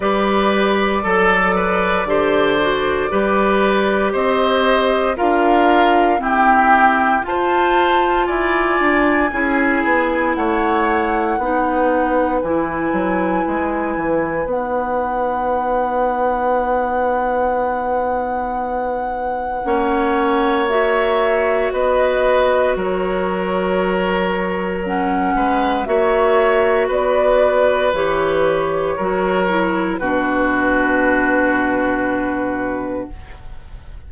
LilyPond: <<
  \new Staff \with { instrumentName = "flute" } { \time 4/4 \tempo 4 = 58 d''1 | dis''4 f''4 g''4 a''4 | gis''2 fis''2 | gis''2 fis''2~ |
fis''1 | e''4 dis''4 cis''2 | fis''4 e''4 d''4 cis''4~ | cis''4 b'2. | }
  \new Staff \with { instrumentName = "oboe" } { \time 4/4 b'4 a'8 b'8 c''4 b'4 | c''4 ais'4 g'4 c''4 | d''4 gis'4 cis''4 b'4~ | b'1~ |
b'2. cis''4~ | cis''4 b'4 ais'2~ | ais'8 b'8 cis''4 b'2 | ais'4 fis'2. | }
  \new Staff \with { instrumentName = "clarinet" } { \time 4/4 g'4 a'4 g'8 fis'8 g'4~ | g'4 f'4 c'4 f'4~ | f'4 e'2 dis'4 | e'2 dis'2~ |
dis'2. cis'4 | fis'1 | cis'4 fis'2 g'4 | fis'8 e'8 d'2. | }
  \new Staff \with { instrumentName = "bassoon" } { \time 4/4 g4 fis4 d4 g4 | c'4 d'4 e'4 f'4 | e'8 d'8 cis'8 b8 a4 b4 | e8 fis8 gis8 e8 b2~ |
b2. ais4~ | ais4 b4 fis2~ | fis8 gis8 ais4 b4 e4 | fis4 b,2. | }
>>